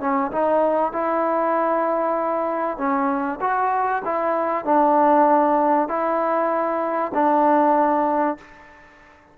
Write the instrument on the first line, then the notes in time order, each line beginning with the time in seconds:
trombone
0.00 C#4
0.31 D#4
0.92 E4
2.77 C#4
3.40 F#4
4.04 E4
4.64 D4
5.88 E4
7.14 D4